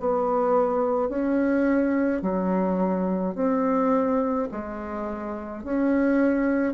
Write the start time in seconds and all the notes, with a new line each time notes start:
0.00 B3
1.09 C#4
2.22 F#3
3.35 C4
4.51 G#3
5.63 C#4